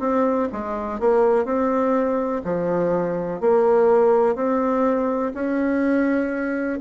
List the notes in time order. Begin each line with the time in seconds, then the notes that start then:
0.00 C4
0.52 G#3
1.00 A#3
1.45 C4
2.44 F3
3.40 A#3
4.35 C4
5.34 C#4